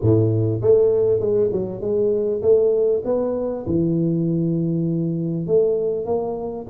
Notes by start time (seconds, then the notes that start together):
0.01 A2
0.61 A3
1.20 G#3
1.52 F#3
1.80 G#3
2.42 A3
3.04 B3
3.66 E3
5.46 A3
6.05 A#3